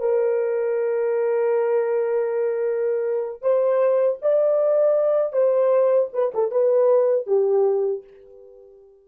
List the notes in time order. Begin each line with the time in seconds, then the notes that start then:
0.00 A#4
3.42 C5
4.22 D5
5.33 C5
6.13 B4
6.34 A4
6.51 B4
7.27 G4